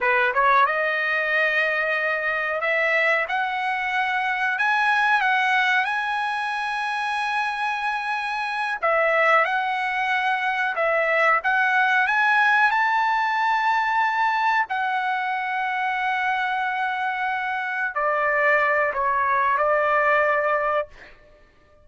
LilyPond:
\new Staff \with { instrumentName = "trumpet" } { \time 4/4 \tempo 4 = 92 b'8 cis''8 dis''2. | e''4 fis''2 gis''4 | fis''4 gis''2.~ | gis''4. e''4 fis''4.~ |
fis''8 e''4 fis''4 gis''4 a''8~ | a''2~ a''8 fis''4.~ | fis''2.~ fis''8 d''8~ | d''4 cis''4 d''2 | }